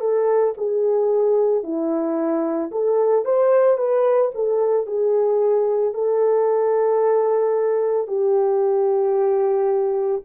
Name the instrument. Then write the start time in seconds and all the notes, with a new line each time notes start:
horn
0.00 A4
0.57 G#4
1.63 E4
2.71 A4
3.25 C5
3.77 B4
4.34 A4
4.86 G#4
5.94 A4
8.07 G4